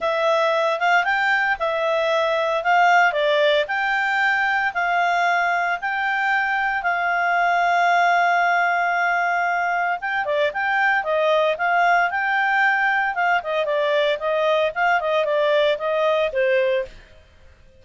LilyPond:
\new Staff \with { instrumentName = "clarinet" } { \time 4/4 \tempo 4 = 114 e''4. f''8 g''4 e''4~ | e''4 f''4 d''4 g''4~ | g''4 f''2 g''4~ | g''4 f''2.~ |
f''2. g''8 d''8 | g''4 dis''4 f''4 g''4~ | g''4 f''8 dis''8 d''4 dis''4 | f''8 dis''8 d''4 dis''4 c''4 | }